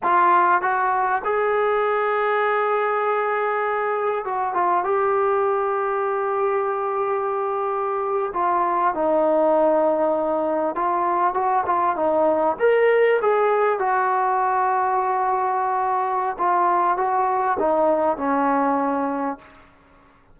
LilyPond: \new Staff \with { instrumentName = "trombone" } { \time 4/4 \tempo 4 = 99 f'4 fis'4 gis'2~ | gis'2. fis'8 f'8 | g'1~ | g'4.~ g'16 f'4 dis'4~ dis'16~ |
dis'4.~ dis'16 f'4 fis'8 f'8 dis'16~ | dis'8. ais'4 gis'4 fis'4~ fis'16~ | fis'2. f'4 | fis'4 dis'4 cis'2 | }